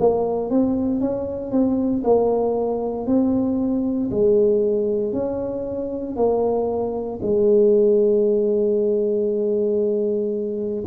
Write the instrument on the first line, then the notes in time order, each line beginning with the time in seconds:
tuba
0.00 A#3
0.51 C4
1.01 C#4
1.52 C4
2.04 A#3
3.07 C4
4.11 G#3
5.13 C#4
6.16 A#3
7.22 G#3